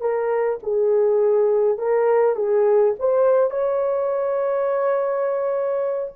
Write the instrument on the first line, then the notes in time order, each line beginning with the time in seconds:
horn
0.00 A#4
0.62 G#4
1.77 A#4
2.35 G#4
2.99 C5
3.50 C#5